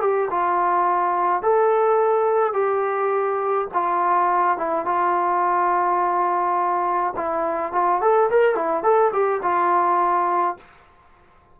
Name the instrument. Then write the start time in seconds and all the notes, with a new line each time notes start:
trombone
0.00 G4
0.30 F4
1.42 A4
2.53 G4
3.74 F4
4.57 E4
4.85 F4
7.16 E4
7.72 F4
8.01 A4
8.30 A#4
8.55 E4
8.83 A4
9.12 G4
9.42 F4